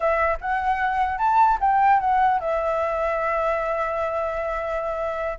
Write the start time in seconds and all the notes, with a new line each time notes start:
0.00 E5
0.40 F#5
1.18 A5
1.60 G5
2.00 F#5
2.39 E5